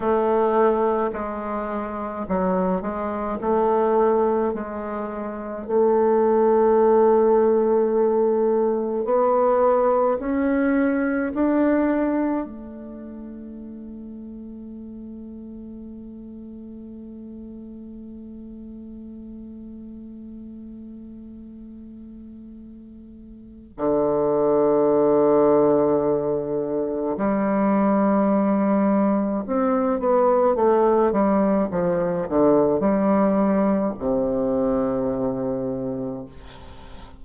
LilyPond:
\new Staff \with { instrumentName = "bassoon" } { \time 4/4 \tempo 4 = 53 a4 gis4 fis8 gis8 a4 | gis4 a2. | b4 cis'4 d'4 a4~ | a1~ |
a1~ | a4 d2. | g2 c'8 b8 a8 g8 | f8 d8 g4 c2 | }